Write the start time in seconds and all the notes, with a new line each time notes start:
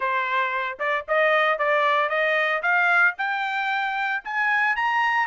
0.00 C5
0.79 D5
1.07 D#5
1.58 D5
2.09 D#5
2.62 F5
3.17 G5
4.24 G#5
4.76 A#5